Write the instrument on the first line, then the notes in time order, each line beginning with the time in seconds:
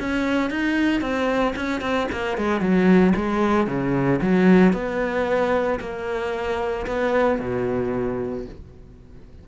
cello
0.00 C#4
0.50 D#4
1.01 C4
1.56 C#4
1.81 C4
2.12 A#3
2.37 G#3
2.61 F#3
3.16 G#3
3.67 C#3
4.21 F#3
4.73 B3
5.80 A#3
6.87 B3
7.39 B2